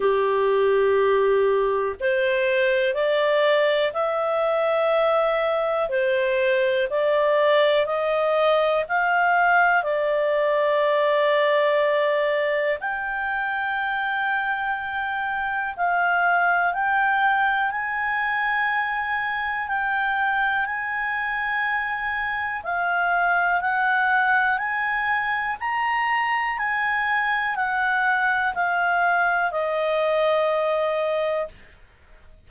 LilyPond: \new Staff \with { instrumentName = "clarinet" } { \time 4/4 \tempo 4 = 61 g'2 c''4 d''4 | e''2 c''4 d''4 | dis''4 f''4 d''2~ | d''4 g''2. |
f''4 g''4 gis''2 | g''4 gis''2 f''4 | fis''4 gis''4 ais''4 gis''4 | fis''4 f''4 dis''2 | }